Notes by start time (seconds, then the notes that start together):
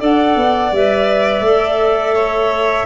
0.00 D4 A4 D5 F#5
0.36 B3
0.72 G3 B4 E5
1.41 A3 A4
2.15 C#5